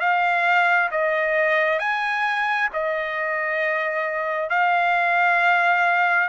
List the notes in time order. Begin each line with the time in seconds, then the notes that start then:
0.00 F5
0.92 D#5
1.79 G#5
2.74 D#5
4.50 F5